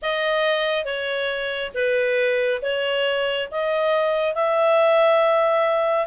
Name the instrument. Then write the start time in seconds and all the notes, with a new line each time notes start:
clarinet
0.02 D#5
0.85 C#5
1.74 B4
2.62 C#5
3.51 D#5
4.34 E5